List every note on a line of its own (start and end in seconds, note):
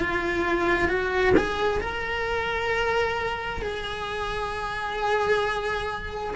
0.00 0.88 F4
0.88 1.33 F#4
1.37 1.81 G#4
1.81 3.62 A#4
3.62 6.34 G#4